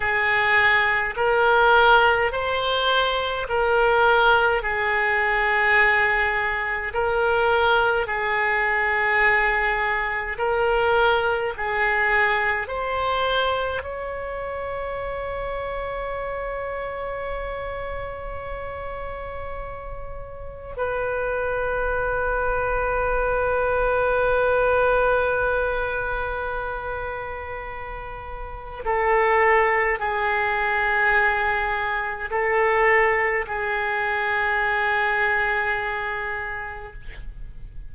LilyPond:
\new Staff \with { instrumentName = "oboe" } { \time 4/4 \tempo 4 = 52 gis'4 ais'4 c''4 ais'4 | gis'2 ais'4 gis'4~ | gis'4 ais'4 gis'4 c''4 | cis''1~ |
cis''2 b'2~ | b'1~ | b'4 a'4 gis'2 | a'4 gis'2. | }